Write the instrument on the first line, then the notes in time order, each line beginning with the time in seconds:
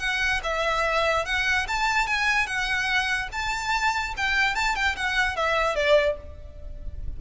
violin
0.00 F#5
0.44 E5
1.26 F#5
1.68 A5
2.08 G#5
2.47 F#5
3.33 A5
4.17 G5
4.55 A5
4.76 G5
4.97 F#5
5.36 E5
5.76 D5